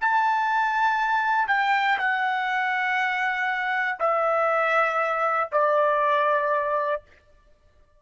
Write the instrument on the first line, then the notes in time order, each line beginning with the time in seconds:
trumpet
0.00 A5
1.48 G5
1.98 F#5
3.99 E5
5.51 D5